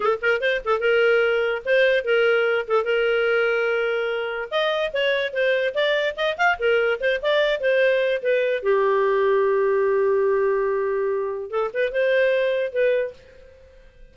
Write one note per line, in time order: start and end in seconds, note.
0.00 0.18 A4
0.21 0.40 A#4
0.40 0.61 C5
0.65 0.80 A4
0.80 1.62 A#4
1.65 2.04 C5
2.04 2.66 A#4
2.67 2.84 A4
2.84 4.49 A#4
4.50 4.91 D#5
4.93 5.33 C#5
5.33 5.74 C5
5.74 6.15 D5
6.16 6.37 D#5
6.37 6.58 F5
6.59 7.00 A#4
7.00 7.20 C5
7.22 7.60 D5
7.60 8.22 C5
8.22 8.62 B4
8.62 11.50 G4
11.50 11.70 A4
11.73 11.92 B4
11.92 12.72 C5
12.72 13.14 B4